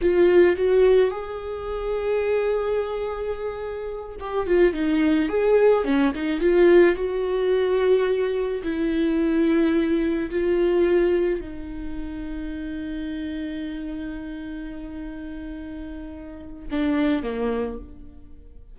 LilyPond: \new Staff \with { instrumentName = "viola" } { \time 4/4 \tempo 4 = 108 f'4 fis'4 gis'2~ | gis'2.~ gis'8 g'8 | f'8 dis'4 gis'4 cis'8 dis'8 f'8~ | f'8 fis'2. e'8~ |
e'2~ e'8 f'4.~ | f'8 dis'2.~ dis'8~ | dis'1~ | dis'2 d'4 ais4 | }